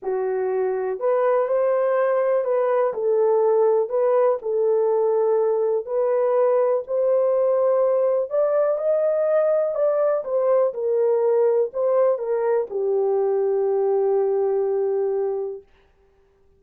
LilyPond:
\new Staff \with { instrumentName = "horn" } { \time 4/4 \tempo 4 = 123 fis'2 b'4 c''4~ | c''4 b'4 a'2 | b'4 a'2. | b'2 c''2~ |
c''4 d''4 dis''2 | d''4 c''4 ais'2 | c''4 ais'4 g'2~ | g'1 | }